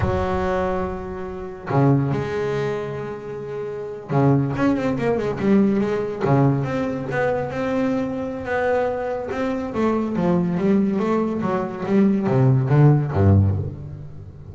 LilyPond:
\new Staff \with { instrumentName = "double bass" } { \time 4/4 \tempo 4 = 142 fis1 | cis4 gis2.~ | gis4.~ gis16 cis4 cis'8 c'8 ais16~ | ais16 gis8 g4 gis4 cis4 c'16~ |
c'8. b4 c'2~ c'16 | b2 c'4 a4 | f4 g4 a4 fis4 | g4 c4 d4 g,4 | }